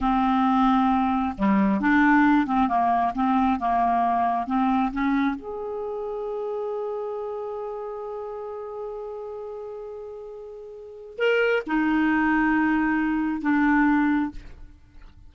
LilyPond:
\new Staff \with { instrumentName = "clarinet" } { \time 4/4 \tempo 4 = 134 c'2. g4 | d'4. c'8 ais4 c'4 | ais2 c'4 cis'4 | gis'1~ |
gis'1~ | gis'1~ | gis'4 ais'4 dis'2~ | dis'2 d'2 | }